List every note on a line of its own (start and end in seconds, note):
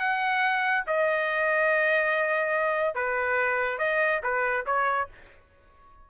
0.00 0.85 F#5
0.87 2.95 D#5
2.95 3.79 B4
3.79 4.21 D#5
4.23 4.66 B4
4.67 5.09 C#5